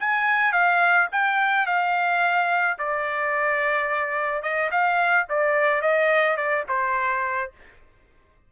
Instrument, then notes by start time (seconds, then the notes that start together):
trumpet
0.00 G#5
0.53 F5
1.12 G5
1.67 F5
2.79 D5
4.43 D#5
4.71 F5
5.30 D5
5.82 D#5
6.37 D5
6.69 C5